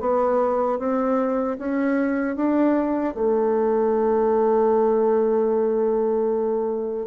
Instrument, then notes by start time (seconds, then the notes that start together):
bassoon
0.00 B3
0.79 C4
1.58 C#4
2.36 D4
3.14 A3